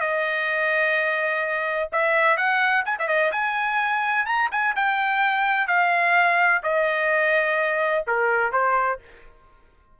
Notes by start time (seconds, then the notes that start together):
0.00 D#5
1.92 E5
2.37 F#5
2.85 G#5
2.99 E5
3.08 D#5
3.32 G#5
4.25 A#5
4.51 G#5
4.76 G5
5.67 F5
6.63 D#5
8.07 A#4
8.52 C5